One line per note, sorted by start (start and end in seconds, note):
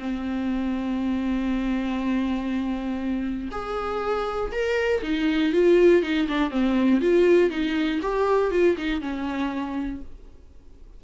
0.00 3.50 C4
3.52 4.52 G#4
4.52 5.02 A#4
5.03 5.53 D#4
5.53 6.03 F4
6.03 6.28 D#4
6.28 6.51 D4
6.51 7.01 C4
7.02 7.50 F4
7.50 8.00 D#4
8.02 8.52 G4
8.52 8.77 F4
8.78 9.02 D#4
9.02 10.02 C#4